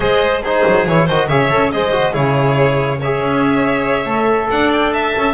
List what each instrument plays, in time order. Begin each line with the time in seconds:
0.00 double bass G#3, trombone G#4, violin C5 D#5
0.42 trombone D#4, violin G#4 C5
0.66 double bass F#3
0.86 double bass E3, trombone E4, violin C#5
1.05 double bass D#3, trombone F#4, violin C5 D#5
1.27 double bass C#3, trombone G#4, violin C#5 E5
1.50 double bass C#4, trombone A4
1.71 double bass G#3, trombone G#4, violin C5 D#5
1.92 trombone F#4
2.12 double bass C#3, trombone E4, violin G#4 C#5
2.99 trombone G#4, violin C#5 E5
3.20 double bass C#4
4.05 double bass A3, trombone A4
4.50 double bass D4, violin D5 F#5
4.72 violin G5
4.92 violin E5 A5
5.17 double bass C#4